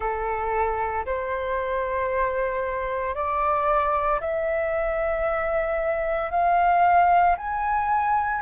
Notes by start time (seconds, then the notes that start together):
0.00 A4
1.05 C5
3.14 D5
4.20 E5
6.31 F5
7.37 G#5